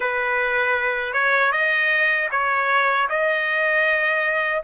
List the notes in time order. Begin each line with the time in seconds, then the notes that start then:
0.00 B4
1.13 C#5
1.51 D#5
2.31 C#5
3.09 D#5